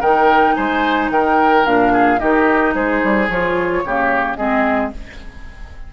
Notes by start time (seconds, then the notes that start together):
0.00 D#3 D#4 A#4 G5
0.54 G#3 C5 G#5
1.09 D#3 A#4 G5
1.65 A#2 D4 F5
1.92 G#4
2.18 D#3 D#4 G4 D#5
2.74 G#3 G#4 C5
3.04 G3
3.28 F3 F4 C#5
3.84 C#3 A#3 G4
4.35 G#3 C4 G#4 D#5